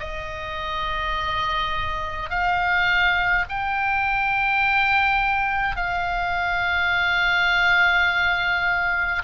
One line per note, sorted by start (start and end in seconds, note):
0.00 2.30 D#5
2.30 3.45 F5
3.49 5.76 G5
5.76 9.23 F5